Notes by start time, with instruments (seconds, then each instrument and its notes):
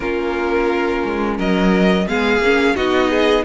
0.00 cello A#3, viola C#4, violin F4 A#4
1.05 cello G#3
1.37 cello F#3, violin A#4 D#5
2.08 cello G#3, viola B3, violin G#4 F5
2.39 cello A#3, viola C#4
2.75 cello B3, viola D#4, violin F#4 D#5
3.09 violin G#4